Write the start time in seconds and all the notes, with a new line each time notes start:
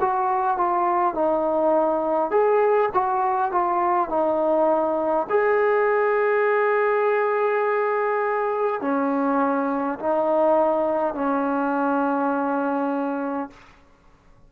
0.00 F#4
0.57 F4
1.14 D#4
2.30 G#4
2.94 F#4
3.51 F4
4.09 D#4
5.29 G#4
8.81 C#4
9.99 D#4
11.14 C#4